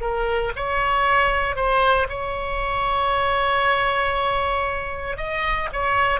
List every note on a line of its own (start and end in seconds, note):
0.00 0.52 A#4
0.55 1.56 C#5
1.56 2.07 C5
2.08 5.16 C#5
5.16 5.68 D#5
5.72 6.20 C#5